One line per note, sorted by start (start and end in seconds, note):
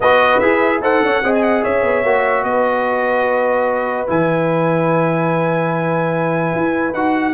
0.00 0.40 B3
0.00 0.42 F#4
0.00 0.82 B4
0.00 0.39 D#5
0.39 0.81 E4
0.39 0.82 G#4
0.39 0.80 E5
0.81 1.01 D#4
0.81 1.22 A4
0.81 1.02 C5
0.81 1.34 F#5
1.02 1.22 C#4
1.02 1.25 C#5
1.23 1.64 C4
1.23 2.04 G#4
1.23 1.63 D#5
1.35 1.42 G#5
1.42 1.63 F#5
1.63 1.82 C#4
1.63 2.45 C#5
1.63 2.43 E5
1.82 2.03 B3
2.03 2.43 A#3
2.03 4.07 F#4
2.43 4.06 B3
2.43 7.33 B4
2.43 4.07 D#5
4.07 6.54 E3
4.07 6.92 E4
4.07 6.94 G#5
6.55 6.93 E4
6.93 7.33 D#4
6.93 7.33 F#4
6.93 7.33 F#5